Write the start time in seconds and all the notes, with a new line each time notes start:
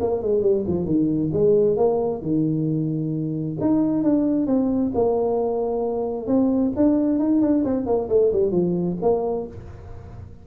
0.00 A#3
0.22 G#3
0.42 G3
0.67 F3
0.86 D#3
1.33 G#3
1.76 A#3
2.22 D#3
3.61 D#4
4.03 D4
4.47 C4
4.95 A#3
6.27 C4
6.76 D4
7.19 D#4
7.41 D4
7.64 C4
7.86 A#3
8.09 A3
8.32 G3
8.51 F3
9.02 A#3